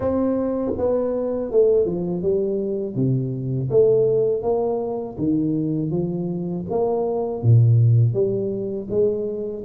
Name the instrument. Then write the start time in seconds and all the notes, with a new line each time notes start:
tuba
0.00 C4
0.77 B3
1.51 A3
1.85 F3
2.22 G3
2.95 C3
3.70 A3
4.42 A#3
5.18 D#3
5.91 F3
6.69 A#3
7.42 A#2
8.13 G3
8.90 G#3